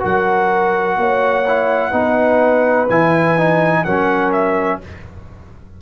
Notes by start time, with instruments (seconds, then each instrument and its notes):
0.00 tuba F#3, trombone F#4, horn A#4, trumpet F#5
0.97 tuba A#3, horn C#5
1.47 trombone E4
1.91 tuba B3, trombone D#4, horn B4
2.90 tuba E3, trombone E4, trumpet G#5
3.38 trombone D#4
3.85 tuba F#3, trombone C#4, horn A#4, trumpet F#5
4.32 trumpet E5